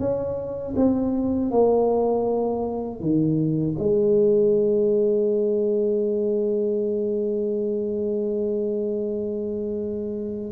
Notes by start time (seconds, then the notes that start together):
0.00 C#4
0.77 C4
1.51 A#3
3.00 D#3
3.79 G#3